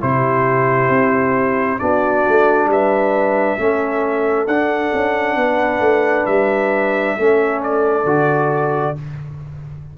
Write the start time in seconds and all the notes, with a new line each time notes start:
0.00 C3 E4 G4 C5
0.89 C4
1.79 B3 D4 F#4 D5
2.28 A3
2.66 G3 B4
2.72 E5
3.58 A3 C#4 A4
4.47 D4 F#5
4.93 C#4
5.36 B3 B4
5.80 A3
6.26 G3 E5
7.17 A3 C#4 A4
7.63 D5
8.04 D3 F#4